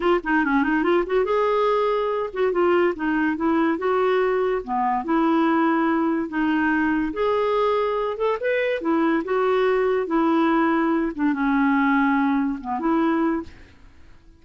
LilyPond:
\new Staff \with { instrumentName = "clarinet" } { \time 4/4 \tempo 4 = 143 f'8 dis'8 cis'8 dis'8 f'8 fis'8 gis'4~ | gis'4. fis'8 f'4 dis'4 | e'4 fis'2 b4 | e'2. dis'4~ |
dis'4 gis'2~ gis'8 a'8 | b'4 e'4 fis'2 | e'2~ e'8 d'8 cis'4~ | cis'2 b8 e'4. | }